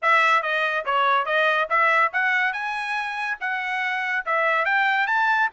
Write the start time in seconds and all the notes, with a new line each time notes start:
0.01 E5
0.42 D#5
0.85 C#5
1.25 D#5
1.69 E5
2.12 F#5
2.53 G#5
3.40 F#5
4.25 E5
4.65 G5
5.06 A5